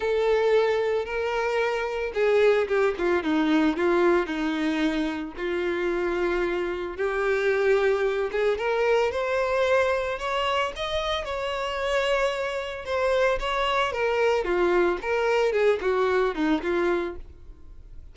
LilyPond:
\new Staff \with { instrumentName = "violin" } { \time 4/4 \tempo 4 = 112 a'2 ais'2 | gis'4 g'8 f'8 dis'4 f'4 | dis'2 f'2~ | f'4 g'2~ g'8 gis'8 |
ais'4 c''2 cis''4 | dis''4 cis''2. | c''4 cis''4 ais'4 f'4 | ais'4 gis'8 fis'4 dis'8 f'4 | }